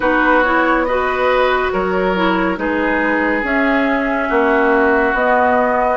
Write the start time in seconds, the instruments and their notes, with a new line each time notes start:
0.00 bassoon B3, clarinet D#4, oboe F#4, flute B4
0.43 clarinet E4, flute C#5
0.85 clarinet F#4, oboe B4, flute D#5
1.71 bassoon F#3, oboe A#4, flute C#5
2.15 clarinet E4
2.56 bassoon G#3, clarinet D#4, oboe G#4, flute B4
3.42 bassoon C#4, clarinet C#4, flute E5
4.28 bassoon A#3, oboe F#4
5.13 bassoon B3, clarinet B3, flute D#5